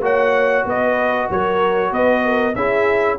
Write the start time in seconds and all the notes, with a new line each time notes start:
0.00 A#3 F#4 C#5 F#5
0.65 B3 B4 D#5
1.30 F#3 A#4 C#5
1.91 B3 B4 D#5
2.24 A#4
2.55 C#4 E4 G#4 E5